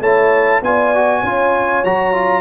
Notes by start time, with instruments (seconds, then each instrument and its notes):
0.00 tuba A3, trombone E4, horn C#5, trumpet A5
0.62 tuba B3, trombone F4, horn D5, trumpet G#5
0.95 trombone F#4
1.20 tuba C#4, trombone F4, horn C#5
1.84 tuba F#3, trombone F#4, trumpet A#5
2.13 trombone F4